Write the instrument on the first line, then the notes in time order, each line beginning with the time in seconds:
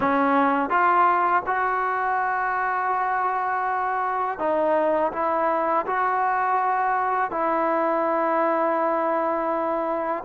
trombone
0.00 C#4
0.69 F4
1.46 F#4
4.39 D#4
5.12 E4
5.86 F#4
7.30 E4